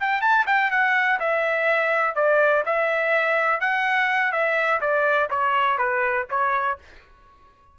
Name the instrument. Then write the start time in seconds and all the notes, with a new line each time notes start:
trumpet
0.00 G5
0.21 A5
0.47 G5
0.71 F#5
1.20 E5
2.15 D5
2.65 E5
3.60 F#5
4.32 E5
4.81 D5
5.30 C#5
5.78 B4
6.30 C#5